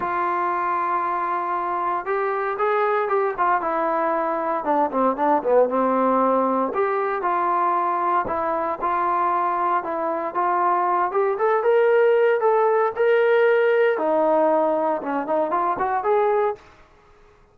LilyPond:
\new Staff \with { instrumentName = "trombone" } { \time 4/4 \tempo 4 = 116 f'1 | g'4 gis'4 g'8 f'8 e'4~ | e'4 d'8 c'8 d'8 b8 c'4~ | c'4 g'4 f'2 |
e'4 f'2 e'4 | f'4. g'8 a'8 ais'4. | a'4 ais'2 dis'4~ | dis'4 cis'8 dis'8 f'8 fis'8 gis'4 | }